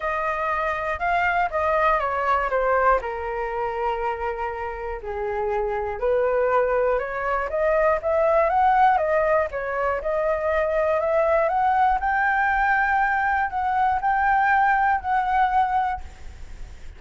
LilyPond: \new Staff \with { instrumentName = "flute" } { \time 4/4 \tempo 4 = 120 dis''2 f''4 dis''4 | cis''4 c''4 ais'2~ | ais'2 gis'2 | b'2 cis''4 dis''4 |
e''4 fis''4 dis''4 cis''4 | dis''2 e''4 fis''4 | g''2. fis''4 | g''2 fis''2 | }